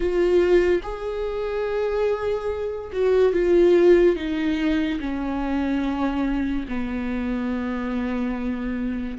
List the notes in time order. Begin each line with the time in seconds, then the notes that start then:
0.00 F4
0.83 G#4
2.92 F#4
3.33 F4
4.16 D#4
5.00 C#4
6.68 B3